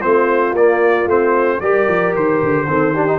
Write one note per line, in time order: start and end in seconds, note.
0.00 0.53 A3
0.00 0.56 C4
0.00 1.59 F4
0.00 0.55 C5
0.53 1.06 A#3
0.53 1.09 A#3
0.53 1.09 D5
1.07 1.60 A3
1.07 1.62 C4
1.07 1.61 C5
1.61 1.87 G3
1.61 2.68 G4
1.61 2.68 A#4
1.61 2.14 D5
1.89 2.15 F3
2.16 2.42 D#3
2.16 3.19 C5
2.43 2.67 D3
2.67 3.19 D#3
2.67 2.94 C4
2.67 2.94 A4
2.94 3.08 D4
2.94 3.19 G4
3.08 3.19 D#4